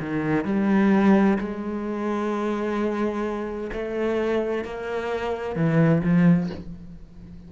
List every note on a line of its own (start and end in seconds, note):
0.00 0.45 D#3
0.45 1.38 G3
1.38 3.71 G#3
3.73 4.64 A3
4.64 5.56 A#3
5.56 6.02 E3
6.04 6.50 F3